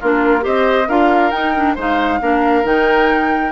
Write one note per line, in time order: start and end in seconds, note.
0.00 0.46 A#3
0.00 0.40 D4
0.00 0.44 F4
0.00 0.45 A#4
0.40 0.88 C4
0.40 0.85 G4
0.40 0.88 C5
0.40 0.89 D#5
0.88 1.32 D4
0.88 1.32 F4
0.88 1.75 A#4
0.88 1.31 F5
1.31 1.54 D#4
1.31 1.76 D#4
1.31 1.75 G5
1.55 1.77 D4
1.75 2.20 G#3
1.75 2.20 D#4
1.75 2.19 C5
1.75 2.66 F5
2.20 2.64 A#3
2.20 2.63 D4
2.20 3.52 A#4
2.63 3.52 D#3
2.63 3.52 D#4
2.63 3.52 G5